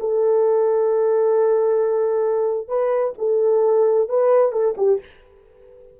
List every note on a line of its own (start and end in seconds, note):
0.00 2.68 A4
2.68 3.14 B4
3.18 4.09 A4
4.09 4.52 B4
4.52 4.75 A4
4.77 5.00 G4